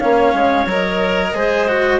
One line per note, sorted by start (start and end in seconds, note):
0.00 0.34 A#3
0.00 0.68 C#4
0.00 1.33 C#5
0.00 0.67 F5
0.34 0.66 G#3
0.66 1.32 F#3
0.66 1.35 A#4
0.66 2.00 D#5
1.34 2.00 G#3
1.34 1.68 G#4
1.34 2.00 C5
1.68 2.00 F#4